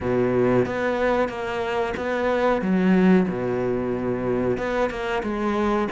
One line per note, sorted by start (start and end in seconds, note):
0.00 0.65 B2
0.65 1.28 B3
1.28 1.94 A#3
1.97 2.61 B3
2.61 3.26 F#3
3.28 4.57 B2
4.57 4.89 B3
4.89 5.22 A#3
5.22 5.88 G#3